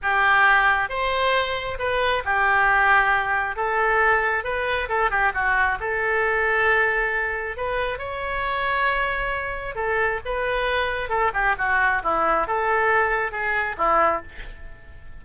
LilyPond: \new Staff \with { instrumentName = "oboe" } { \time 4/4 \tempo 4 = 135 g'2 c''2 | b'4 g'2. | a'2 b'4 a'8 g'8 | fis'4 a'2.~ |
a'4 b'4 cis''2~ | cis''2 a'4 b'4~ | b'4 a'8 g'8 fis'4 e'4 | a'2 gis'4 e'4 | }